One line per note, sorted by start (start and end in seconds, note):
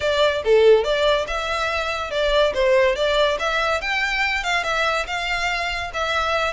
0.00 0.42 D5
0.44 0.84 A4
0.84 1.26 D5
1.27 2.10 E5
2.10 2.53 D5
2.54 2.95 C5
2.95 3.37 D5
3.39 3.81 E5
3.81 4.43 G5
4.43 4.63 F5
4.63 5.06 E5
5.06 5.91 F5
5.93 6.53 E5